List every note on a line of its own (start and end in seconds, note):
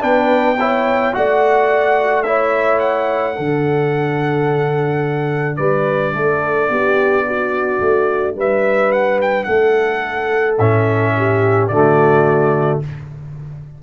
0.00 1.14 B3
0.00 0.56 D4
0.00 0.57 B4
0.00 1.14 G5
0.59 1.13 E4
0.59 1.15 C#5
1.13 3.38 A3
1.13 2.25 F#4
1.13 2.27 D5
1.13 2.23 F#5
2.23 3.34 E4
2.23 3.36 C#5
2.23 2.79 E5
2.79 5.56 F#5
3.34 5.59 D3
3.34 10.56 D4
3.34 5.58 A4
5.56 6.14 G3
5.56 6.13 B4
5.56 8.34 D5
6.14 6.69 A3
6.14 6.70 A4
6.69 7.80 B3
6.69 7.26 G4
7.27 8.37 F#4
7.80 8.35 A3
8.35 9.47 G3
8.35 9.47 B4
8.35 8.92 E5
8.92 9.19 F#5
9.21 9.44 G5
9.44 10.59 A3
9.44 11.13 A4
9.44 10.55 F#5
10.59 11.70 A2
10.59 11.71 C#4
10.59 11.68 E5
11.17 11.72 G4
11.68 12.81 D3
11.68 12.82 A3
11.68 12.83 F#4
11.68 12.79 D5